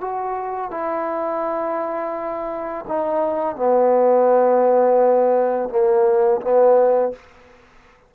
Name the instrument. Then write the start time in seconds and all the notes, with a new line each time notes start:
trombone
0.00 F#4
0.71 E4
2.88 D#4
3.56 B3
5.69 A#3
6.41 B3